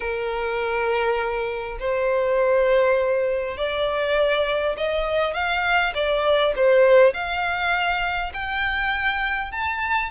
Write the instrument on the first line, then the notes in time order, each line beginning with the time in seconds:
violin
0.00 A#4
1.79 C5
3.57 D5
4.77 D#5
5.34 F5
5.94 D5
6.56 C5
7.13 F5
8.33 G5
9.51 A5